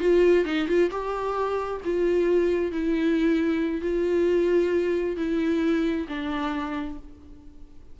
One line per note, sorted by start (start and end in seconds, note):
0.00 0.45 F4
0.45 0.68 D#4
0.68 0.90 F4
0.91 1.81 G4
1.85 2.72 F4
2.72 3.82 E4
3.82 5.17 F4
5.17 6.07 E4
6.08 6.98 D4